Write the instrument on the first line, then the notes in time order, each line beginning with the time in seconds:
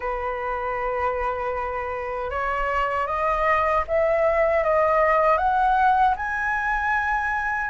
flute
0.00 B4
2.30 C#5
3.07 D#5
3.87 E5
4.63 D#5
5.37 F#5
6.16 G#5